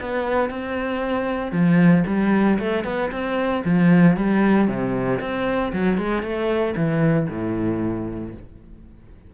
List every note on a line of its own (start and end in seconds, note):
0.00 0.50 B3
0.50 1.51 C4
1.51 2.03 F3
2.06 2.58 G3
2.58 2.84 A3
2.84 3.10 B3
3.11 3.63 C4
3.65 4.16 F3
4.16 4.67 G3
4.67 5.20 C3
5.20 5.72 C4
5.72 5.97 F#3
5.97 6.22 G#3
6.22 6.74 A3
6.76 7.28 E3
7.29 8.34 A2